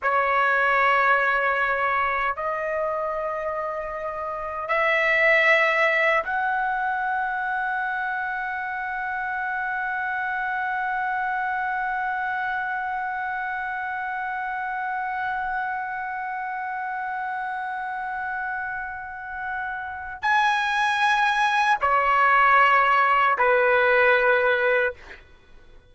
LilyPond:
\new Staff \with { instrumentName = "trumpet" } { \time 4/4 \tempo 4 = 77 cis''2. dis''4~ | dis''2 e''2 | fis''1~ | fis''1~ |
fis''1~ | fis''1~ | fis''2 gis''2 | cis''2 b'2 | }